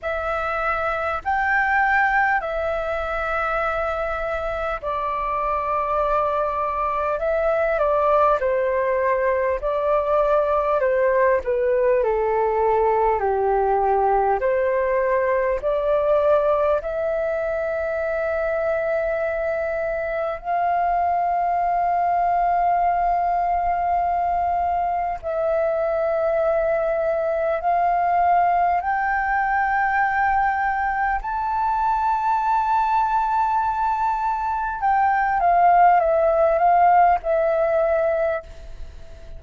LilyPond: \new Staff \with { instrumentName = "flute" } { \time 4/4 \tempo 4 = 50 e''4 g''4 e''2 | d''2 e''8 d''8 c''4 | d''4 c''8 b'8 a'4 g'4 | c''4 d''4 e''2~ |
e''4 f''2.~ | f''4 e''2 f''4 | g''2 a''2~ | a''4 g''8 f''8 e''8 f''8 e''4 | }